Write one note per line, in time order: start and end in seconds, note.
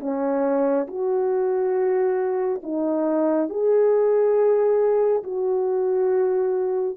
0.00 0.87 C#4
0.87 2.61 F#4
2.63 3.49 D#4
3.49 5.23 G#4
5.23 6.97 F#4